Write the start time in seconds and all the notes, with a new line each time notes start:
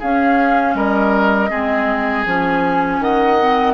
0.00 C#4 G#4 F5
0.75 G3 A#4 D#5
1.50 G#3 C4 G#4
2.26 F3 C#4 G#5
3.00 D#3 D#5 F#5
3.40 C4